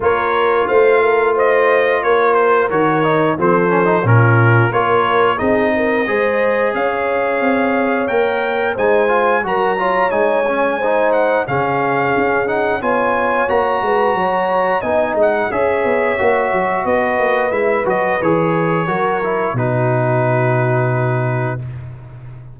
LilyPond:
<<
  \new Staff \with { instrumentName = "trumpet" } { \time 4/4 \tempo 4 = 89 cis''4 f''4 dis''4 cis''8 c''8 | cis''4 c''4 ais'4 cis''4 | dis''2 f''2 | g''4 gis''4 ais''4 gis''4~ |
gis''8 fis''8 f''4. fis''8 gis''4 | ais''2 gis''8 fis''8 e''4~ | e''4 dis''4 e''8 dis''8 cis''4~ | cis''4 b'2. | }
  \new Staff \with { instrumentName = "horn" } { \time 4/4 ais'4 c''8 ais'8 c''4 ais'4~ | ais'4 a'4 f'4 ais'4 | gis'8 ais'8 c''4 cis''2~ | cis''4 c''4 ais'8 cis''4. |
c''4 gis'2 cis''4~ | cis''8 b'8 cis''4 dis''4 cis''4~ | cis''4 b'2. | ais'4 fis'2. | }
  \new Staff \with { instrumentName = "trombone" } { \time 4/4 f'1 | fis'8 dis'8 c'8 cis'16 dis'16 cis'4 f'4 | dis'4 gis'2. | ais'4 dis'8 f'8 fis'8 f'8 dis'8 cis'8 |
dis'4 cis'4. dis'8 f'4 | fis'2 dis'4 gis'4 | fis'2 e'8 fis'8 gis'4 | fis'8 e'8 dis'2. | }
  \new Staff \with { instrumentName = "tuba" } { \time 4/4 ais4 a2 ais4 | dis4 f4 ais,4 ais4 | c'4 gis4 cis'4 c'4 | ais4 gis4 fis4 gis4~ |
gis4 cis4 cis'4 b4 | ais8 gis8 fis4 b8 gis8 cis'8 b8 | ais8 fis8 b8 ais8 gis8 fis8 e4 | fis4 b,2. | }
>>